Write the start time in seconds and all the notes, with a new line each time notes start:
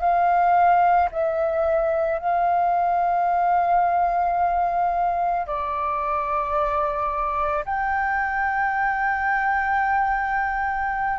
0.00 F5
1.11 E5
2.19 F5
5.46 D5
7.65 G5